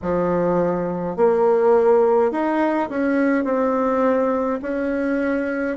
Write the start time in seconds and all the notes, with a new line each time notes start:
0.02 F3
1.16 A#3
2.31 D#4
2.89 C#4
3.44 C4
4.62 C#4